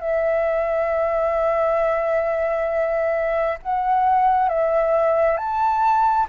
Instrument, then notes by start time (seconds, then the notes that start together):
flute
0.00 E5
3.62 F#5
4.49 E5
5.37 A5